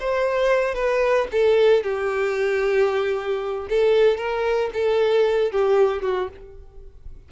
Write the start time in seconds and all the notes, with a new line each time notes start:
0.00 C5
0.75 B4
1.32 A4
1.84 G4
3.70 A4
4.18 A#4
4.73 A4
5.52 G4
6.03 F#4